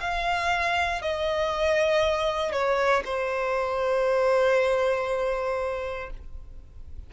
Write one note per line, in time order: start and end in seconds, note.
0.00 1.02 F5
1.02 2.52 D#5
2.52 3.03 C#5
3.05 6.10 C5